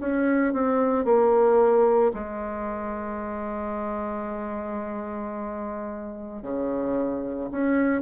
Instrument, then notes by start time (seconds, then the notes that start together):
bassoon
0.00 C#4
0.53 C4
1.05 A#3
2.14 G#3
6.42 C#3
7.51 C#4